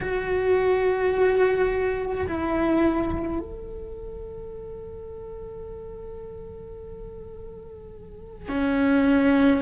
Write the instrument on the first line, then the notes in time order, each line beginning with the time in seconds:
cello
0.01 F#4
2.27 E4
3.39 A4
8.48 C#4